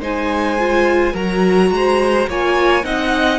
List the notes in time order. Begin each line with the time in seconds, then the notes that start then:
0.00 G#3 D#4 C5 G#5
0.58 F4
1.12 F#3 F#4 A#4 A#5
1.71 G#3 C5
2.27 A#3 F4 C#5 G#5
2.83 C4 D#4 D#5 F#5